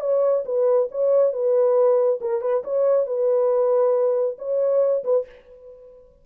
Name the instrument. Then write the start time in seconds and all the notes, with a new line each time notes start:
horn
0.00 C#5
0.45 B4
0.91 C#5
1.32 B4
2.20 A#4
2.41 B4
2.64 C#5
3.06 B4
4.38 C#5
5.04 B4